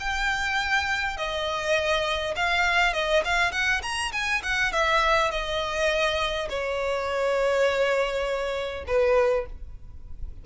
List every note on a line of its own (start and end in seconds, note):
0.00 1.17 G5
1.17 2.34 D#5
2.36 2.94 F5
2.94 3.23 D#5
3.25 3.52 F5
3.52 3.81 F#5
3.83 4.12 A#5
4.12 4.42 G#5
4.43 4.72 F#5
4.72 5.31 E5
5.31 6.48 D#5
6.49 8.85 C#5
8.87 9.46 B4